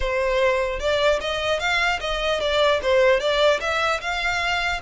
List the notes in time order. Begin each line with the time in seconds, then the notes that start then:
0.00 C5
0.79 D5
1.21 D#5
1.59 F5
2.00 D#5
2.40 D5
2.82 C5
3.20 D5
3.60 E5
4.01 F5